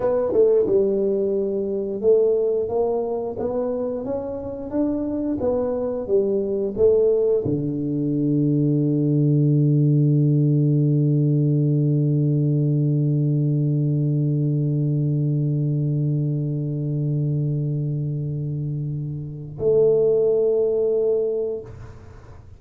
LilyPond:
\new Staff \with { instrumentName = "tuba" } { \time 4/4 \tempo 4 = 89 b8 a8 g2 a4 | ais4 b4 cis'4 d'4 | b4 g4 a4 d4~ | d1~ |
d1~ | d1~ | d1~ | d4 a2. | }